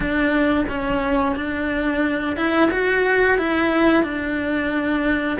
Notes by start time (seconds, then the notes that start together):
0.00 D4
0.68 C#4
1.35 D4
2.36 E4
2.71 F#4
3.38 E4
4.03 D4